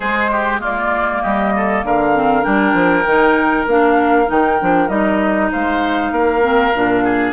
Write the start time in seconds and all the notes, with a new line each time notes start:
0.00 G#3 G#4 C5
0.31 G4
0.59 A#3 F4 D5
1.21 G3 G4 D#5
1.55 A4
1.83 D3 A#4 F5
2.14 C4
2.42 G3 D4 G5
2.73 F3
3.05 D#3 D#4
3.66 A#3 D4 F5
4.26 D#3 D#4 G5
4.61 F3 D4
4.88 G3 D#4 D#5
5.51 G#3 C5 F5
6.11 A#3 A#4
6.41 C4
6.74 A#2 D4
7.04 G#4